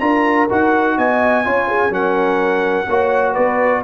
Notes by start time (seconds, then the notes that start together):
0.00 D4 F4 A#4 A#5
0.50 D#4 F#4 F#5
0.98 B3 D#5 G#5
1.45 C#4 F4 C#5
1.69 G#4
1.90 F#3 C#4 A#4 F#5
2.88 A#3 F#4 C#5
3.33 B3 B4 D5